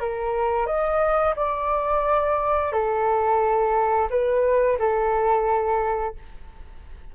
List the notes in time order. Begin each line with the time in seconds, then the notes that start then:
0.00 A#4
0.66 D#5
1.36 D5
2.72 A4
4.10 B4
4.79 A4